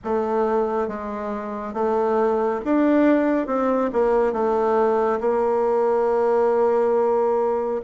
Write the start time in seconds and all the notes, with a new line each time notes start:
0.04 A3
0.88 G#3
1.74 A3
2.64 D4
3.47 C4
3.92 A#3
4.32 A3
5.20 A#3